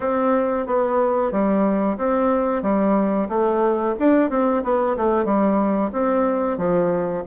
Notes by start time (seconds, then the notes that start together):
0.00 C4
0.66 B3
1.31 G3
1.97 C4
2.62 G3
3.28 A3
3.99 D4
4.30 C4
4.63 B3
4.96 A3
5.24 G3
5.92 C4
6.57 F3